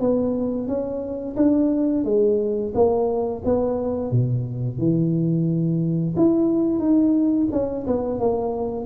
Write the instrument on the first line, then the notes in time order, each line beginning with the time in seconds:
tuba
0.00 B3
0.68 C#4
1.36 D4
2.05 G#3
2.74 A#3
3.45 B3
4.11 B2
4.79 E3
6.16 E4
6.79 D#4
7.52 C#4
7.87 B3
8.20 A#3